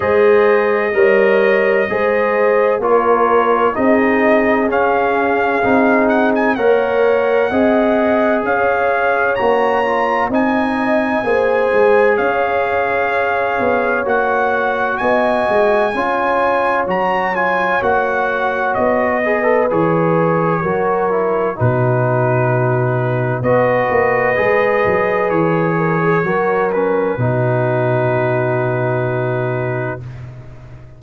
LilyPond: <<
  \new Staff \with { instrumentName = "trumpet" } { \time 4/4 \tempo 4 = 64 dis''2. cis''4 | dis''4 f''4. fis''16 gis''16 fis''4~ | fis''4 f''4 ais''4 gis''4~ | gis''4 f''2 fis''4 |
gis''2 ais''8 gis''8 fis''4 | dis''4 cis''2 b'4~ | b'4 dis''2 cis''4~ | cis''8 b'2.~ b'8 | }
  \new Staff \with { instrumentName = "horn" } { \time 4/4 c''4 cis''4 c''4 ais'4 | gis'2. cis''4 | dis''4 cis''2 dis''4 | c''4 cis''2. |
dis''4 cis''2.~ | cis''8 b'4. ais'4 fis'4~ | fis'4 b'2~ b'8 ais'16 gis'16 | ais'4 fis'2. | }
  \new Staff \with { instrumentName = "trombone" } { \time 4/4 gis'4 ais'4 gis'4 f'4 | dis'4 cis'4 dis'4 ais'4 | gis'2 fis'8 f'8 dis'4 | gis'2. fis'4~ |
fis'4 f'4 fis'8 f'8 fis'4~ | fis'8 gis'16 a'16 gis'4 fis'8 e'8 dis'4~ | dis'4 fis'4 gis'2 | fis'8 cis'8 dis'2. | }
  \new Staff \with { instrumentName = "tuba" } { \time 4/4 gis4 g4 gis4 ais4 | c'4 cis'4 c'4 ais4 | c'4 cis'4 ais4 c'4 | ais8 gis8 cis'4. b8 ais4 |
b8 gis8 cis'4 fis4 ais4 | b4 e4 fis4 b,4~ | b,4 b8 ais8 gis8 fis8 e4 | fis4 b,2. | }
>>